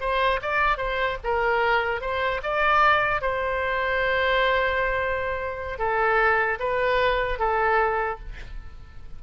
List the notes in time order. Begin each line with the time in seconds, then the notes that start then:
0.00 C5
0.42 D5
0.77 C5
1.23 A#4
2.01 C5
2.43 D5
3.21 C5
5.78 A4
6.59 B4
7.39 A4